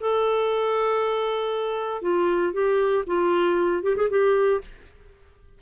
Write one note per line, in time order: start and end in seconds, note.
0.00 2.02 A4
2.02 2.53 F4
2.53 3.04 G4
3.06 3.83 F4
3.83 3.96 G4
3.96 4.09 G#4
4.09 4.61 G4